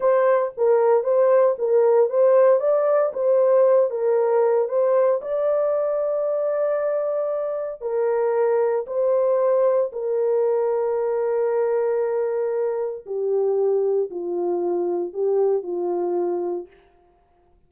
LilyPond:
\new Staff \with { instrumentName = "horn" } { \time 4/4 \tempo 4 = 115 c''4 ais'4 c''4 ais'4 | c''4 d''4 c''4. ais'8~ | ais'4 c''4 d''2~ | d''2. ais'4~ |
ais'4 c''2 ais'4~ | ais'1~ | ais'4 g'2 f'4~ | f'4 g'4 f'2 | }